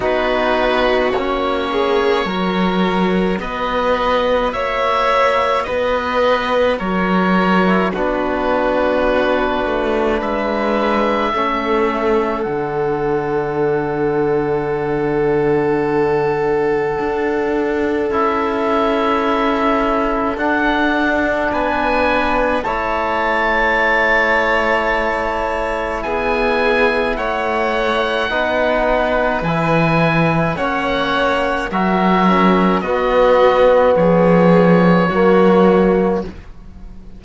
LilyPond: <<
  \new Staff \with { instrumentName = "oboe" } { \time 4/4 \tempo 4 = 53 b'4 cis''2 dis''4 | e''4 dis''4 cis''4 b'4~ | b'4 e''2 fis''4~ | fis''1 |
e''2 fis''4 gis''4 | a''2. gis''4 | fis''2 gis''4 fis''4 | e''4 dis''4 cis''2 | }
  \new Staff \with { instrumentName = "violin" } { \time 4/4 fis'4. gis'8 ais'4 b'4 | cis''4 b'4 ais'4 fis'4~ | fis'4 b'4 a'2~ | a'1~ |
a'2. b'4 | cis''2. gis'4 | cis''4 b'2 cis''4 | ais'4 fis'4 gis'4 fis'4 | }
  \new Staff \with { instrumentName = "trombone" } { \time 4/4 dis'4 cis'4 fis'2~ | fis'2~ fis'8. e'16 d'4~ | d'2 cis'4 d'4~ | d'1 |
e'2 d'2 | e'1~ | e'4 dis'4 e'4 cis'4 | fis'8 cis'8 b2 ais4 | }
  \new Staff \with { instrumentName = "cello" } { \time 4/4 b4 ais4 fis4 b4 | ais4 b4 fis4 b4~ | b8 a8 gis4 a4 d4~ | d2. d'4 |
cis'2 d'4 b4 | a2. b4 | a4 b4 e4 ais4 | fis4 b4 f4 fis4 | }
>>